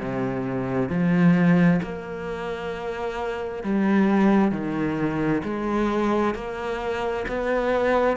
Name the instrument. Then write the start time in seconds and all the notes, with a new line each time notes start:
cello
0.00 C3
0.90 F3
1.83 A#3
3.64 G3
4.52 D#3
5.44 G#3
6.35 A#3
7.29 B3